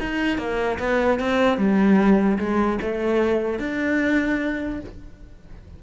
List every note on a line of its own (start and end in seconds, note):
0.00 0.38 D#4
0.38 0.78 A#3
0.79 1.20 B3
1.20 1.57 C4
1.57 2.38 G3
2.38 2.79 G#3
2.82 3.59 A3
3.59 4.80 D4